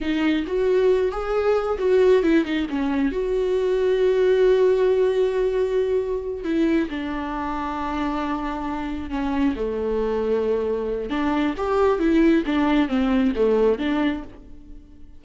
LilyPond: \new Staff \with { instrumentName = "viola" } { \time 4/4 \tempo 4 = 135 dis'4 fis'4. gis'4. | fis'4 e'8 dis'8 cis'4 fis'4~ | fis'1~ | fis'2~ fis'8 e'4 d'8~ |
d'1~ | d'8 cis'4 a2~ a8~ | a4 d'4 g'4 e'4 | d'4 c'4 a4 d'4 | }